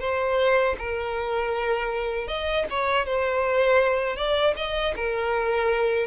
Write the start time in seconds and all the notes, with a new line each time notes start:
0.00 C5
0.79 A#4
2.28 D#5
2.70 C#5
3.06 C5
4.17 D5
4.57 D#5
4.96 A#4